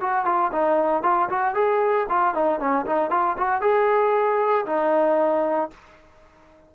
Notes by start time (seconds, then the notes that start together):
0.00 F#4
0.25 F4
0.52 D#4
1.02 F4
1.29 F#4
1.54 G#4
2.09 F4
2.34 D#4
2.59 C#4
2.86 D#4
3.10 F4
3.37 F#4
3.61 G#4
4.66 D#4